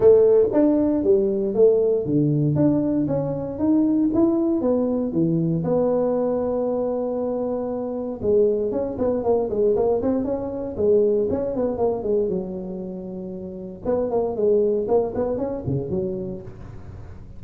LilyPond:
\new Staff \with { instrumentName = "tuba" } { \time 4/4 \tempo 4 = 117 a4 d'4 g4 a4 | d4 d'4 cis'4 dis'4 | e'4 b4 e4 b4~ | b1 |
gis4 cis'8 b8 ais8 gis8 ais8 c'8 | cis'4 gis4 cis'8 b8 ais8 gis8 | fis2. b8 ais8 | gis4 ais8 b8 cis'8 cis8 fis4 | }